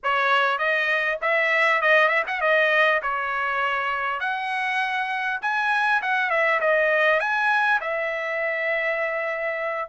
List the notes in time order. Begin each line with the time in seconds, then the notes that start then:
0.03 C#5
0.58 D#5
1.21 E5
1.81 D#5
2.08 E5
2.27 F#5
2.41 D#5
3.02 C#5
4.20 F#5
5.41 G#5
6.02 F#5
6.30 E5
6.60 D#5
7.20 G#5
7.80 E5